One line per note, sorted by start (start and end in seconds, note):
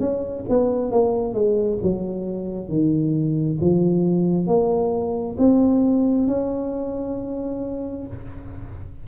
0.00 0.45 C#4
0.49 0.92 B3
0.92 1.34 A#3
1.34 1.79 G#3
1.82 2.69 F#3
2.69 3.58 D#3
3.61 4.47 F3
4.47 5.36 A#3
5.39 6.28 C4
6.28 8.07 C#4